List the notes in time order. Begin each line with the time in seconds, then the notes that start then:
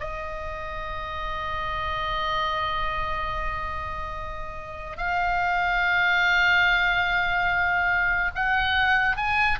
0.00 D#5
4.97 F5
8.35 F#5
9.17 G#5